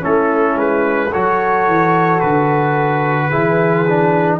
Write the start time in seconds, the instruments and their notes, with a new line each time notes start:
0.00 tuba A3, trombone C#4, horn E4, trumpet A4
0.55 tuba G#3, trumpet B4
1.10 tuba F#3, trombone F#4, horn A4, trumpet C#5
1.67 tuba E3
2.19 tuba D3, trumpet B4
3.29 tuba E3, trombone E4, horn G#4
3.86 trombone D4